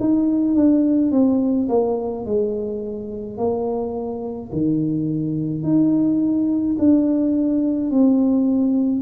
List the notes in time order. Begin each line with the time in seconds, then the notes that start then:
0.00 D#4
0.55 D4
1.12 C4
1.69 A#3
2.25 G#3
3.38 A#3
4.52 D#3
5.63 D#4
6.79 D4
7.91 C4